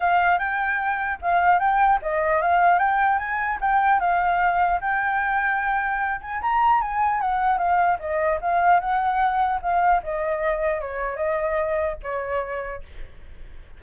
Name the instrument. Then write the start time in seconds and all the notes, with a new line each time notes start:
flute
0.00 F5
0.38 G5
1.21 F5
1.59 G5
2.02 D#5
2.41 F5
2.79 G5
3.18 G#5
3.60 G5
4.00 F5
4.80 G5
6.21 G#5
6.41 A#5
6.81 G#5
7.20 F#5
7.57 F5
7.99 D#5
8.41 F5
8.80 F#5
9.62 F5
10.03 D#5
10.80 C#5
11.16 D#5
12.03 C#5